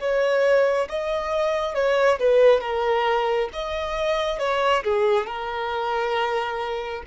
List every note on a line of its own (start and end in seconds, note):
0.00 0.88 C#5
0.89 1.74 D#5
1.74 2.19 C#5
2.19 2.60 B4
2.60 3.49 A#4
3.53 4.39 D#5
4.39 4.83 C#5
4.83 5.26 G#4
5.26 7.03 A#4